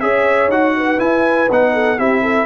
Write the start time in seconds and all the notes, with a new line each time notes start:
0.00 C#4 G#4 C#5 E5
0.48 D#4 F#4 F#5
0.77 B4
0.98 E4 G#5
1.51 B3 D#4 F#5
1.73 A4
1.98 C4 E4 G4 E5
2.22 A4